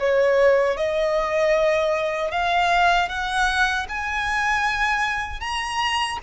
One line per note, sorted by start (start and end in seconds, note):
0.00 0.77 C#5
0.77 2.32 D#5
2.32 3.09 F5
3.09 3.87 F#5
3.89 5.41 G#5
5.41 6.19 A#5